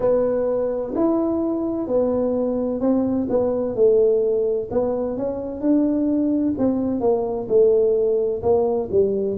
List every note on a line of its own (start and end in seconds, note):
0.00 0.94 B3
0.95 1.87 E4
1.87 2.80 B3
2.80 3.27 C4
3.29 3.75 B3
3.75 4.69 A3
4.70 5.16 B3
5.16 5.60 C#4
5.60 6.54 D4
6.58 7.00 C4
7.00 7.47 A#3
7.48 8.42 A3
8.42 8.89 A#3
8.91 9.37 G3